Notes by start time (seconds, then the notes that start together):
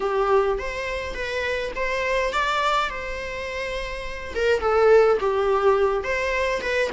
0.00 G4
0.58 C5
1.14 B4
1.75 C5
2.32 D5
2.89 C5
4.35 A#4
4.60 A4
5.19 G4
6.03 C5
6.61 B4